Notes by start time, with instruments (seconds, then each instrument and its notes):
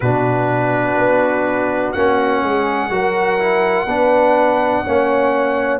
0.00 tuba B2, trombone D4, horn F#4, trumpet B4
0.97 tuba B3
1.92 tuba A#3, trombone C#4, trumpet F#5
2.42 tuba G#3, horn G#4
2.90 tuba F#3, trombone F#4, horn A#4
3.38 trombone E4
3.85 tuba B3, trombone D4, horn B4
4.83 tuba A#3, trombone C#4, horn C#5